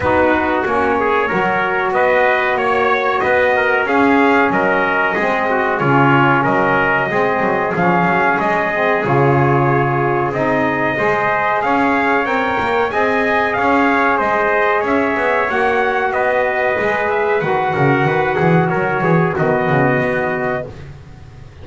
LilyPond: <<
  \new Staff \with { instrumentName = "trumpet" } { \time 4/4 \tempo 4 = 93 b'4 cis''2 dis''4 | cis''4 dis''4 f''4 dis''4~ | dis''4 cis''4 dis''2 | f''4 dis''4 cis''2 |
dis''2 f''4 g''4 | gis''4 f''4 dis''4 e''4 | fis''4 dis''4. e''8 fis''4~ | fis''4 cis''4 dis''2 | }
  \new Staff \with { instrumentName = "trumpet" } { \time 4/4 fis'4. gis'8 ais'4 b'4 | cis''4 b'8 ais'8 gis'4 ais'4 | gis'8 fis'8 f'4 ais'4 gis'4~ | gis'1~ |
gis'4 c''4 cis''2 | dis''4 cis''4 c''4 cis''4~ | cis''4 b'2~ b'8 ais'8 | b'8 gis'8 ais'8 gis'8 fis'2 | }
  \new Staff \with { instrumentName = "saxophone" } { \time 4/4 dis'4 cis'4 fis'2~ | fis'2 cis'2 | c'4 cis'2 c'4 | cis'4. c'8 f'2 |
dis'4 gis'2 ais'4 | gis'1 | fis'2 gis'4 fis'4~ | fis'2 b2 | }
  \new Staff \with { instrumentName = "double bass" } { \time 4/4 b4 ais4 fis4 b4 | ais4 b4 cis'4 fis4 | gis4 cis4 fis4 gis8 fis8 | f8 fis8 gis4 cis2 |
c'4 gis4 cis'4 c'8 ais8 | c'4 cis'4 gis4 cis'8 b8 | ais4 b4 gis4 dis8 cis8 | dis8 e8 fis8 e8 dis8 cis8 b4 | }
>>